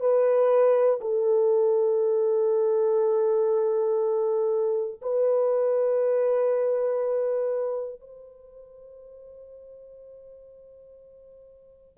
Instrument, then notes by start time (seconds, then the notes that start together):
horn
0.00 B4
1.00 A4
5.02 B4
8.00 C5